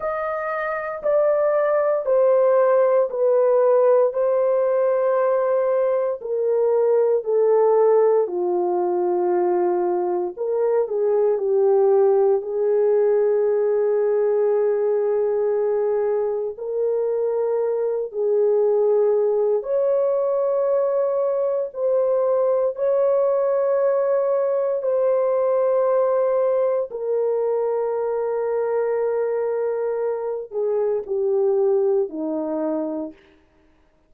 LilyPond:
\new Staff \with { instrumentName = "horn" } { \time 4/4 \tempo 4 = 58 dis''4 d''4 c''4 b'4 | c''2 ais'4 a'4 | f'2 ais'8 gis'8 g'4 | gis'1 |
ais'4. gis'4. cis''4~ | cis''4 c''4 cis''2 | c''2 ais'2~ | ais'4. gis'8 g'4 dis'4 | }